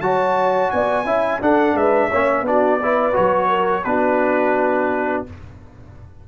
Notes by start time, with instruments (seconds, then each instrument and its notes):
0.00 tuba F#3, trombone F#4, horn C#5, trumpet A5
0.71 tuba B3, horn D5, trumpet G#5
1.05 tuba C#4, trombone E4, horn E5
1.41 tuba D4, trombone D4, horn A4, trumpet F#5
1.74 tuba G#3, horn B4, trumpet E5
2.09 tuba A#3, trombone C#4, horn C#5
2.42 tuba B3, trombone D4, trumpet D5
2.49 horn F#4
2.82 trombone E4, horn B4
3.13 tuba F#3, trombone F#4, trumpet C#5
3.49 horn A#4
3.84 tuba B3, trombone D4, horn F#4, trumpet B4